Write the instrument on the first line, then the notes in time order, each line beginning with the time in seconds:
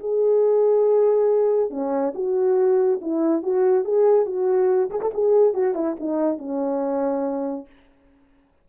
horn
0.00 G#4
1.70 C#4
2.15 F#4
3.01 E4
3.43 F#4
3.85 G#4
4.26 F#4
4.90 G#4
5.01 A4
5.14 G#4
5.54 F#4
5.75 E4
6.00 D#4
6.38 C#4